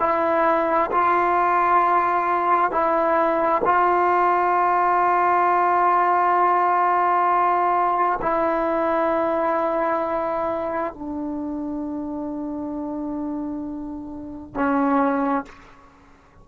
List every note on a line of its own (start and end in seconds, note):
0.00 0.91 E4
0.92 2.71 F4
2.71 3.62 E4
3.65 8.20 F4
8.22 10.94 E4
10.94 14.55 D4
14.55 15.45 C#4